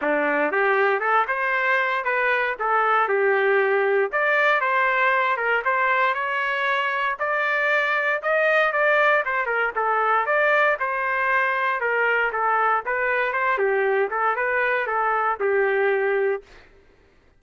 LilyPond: \new Staff \with { instrumentName = "trumpet" } { \time 4/4 \tempo 4 = 117 d'4 g'4 a'8 c''4. | b'4 a'4 g'2 | d''4 c''4. ais'8 c''4 | cis''2 d''2 |
dis''4 d''4 c''8 ais'8 a'4 | d''4 c''2 ais'4 | a'4 b'4 c''8 g'4 a'8 | b'4 a'4 g'2 | }